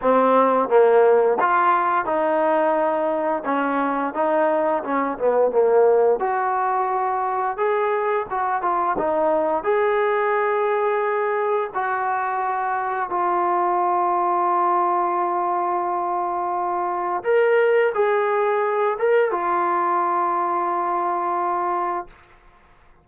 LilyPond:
\new Staff \with { instrumentName = "trombone" } { \time 4/4 \tempo 4 = 87 c'4 ais4 f'4 dis'4~ | dis'4 cis'4 dis'4 cis'8 b8 | ais4 fis'2 gis'4 | fis'8 f'8 dis'4 gis'2~ |
gis'4 fis'2 f'4~ | f'1~ | f'4 ais'4 gis'4. ais'8 | f'1 | }